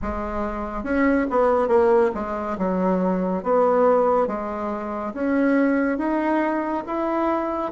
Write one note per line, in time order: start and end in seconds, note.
0.02 0.83 G#3
0.83 1.26 C#4
1.29 1.68 B3
1.68 2.10 A#3
2.14 2.57 G#3
2.58 3.43 F#3
3.43 4.27 B3
4.27 5.13 G#3
5.13 5.98 C#4
5.98 6.83 D#4
6.86 7.72 E4